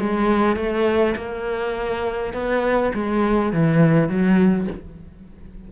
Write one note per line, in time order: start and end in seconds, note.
0.00 0.56 G#3
0.56 1.15 A3
1.16 2.34 A#3
2.34 2.93 B3
2.95 3.53 G#3
3.53 4.09 E3
4.09 4.68 F#3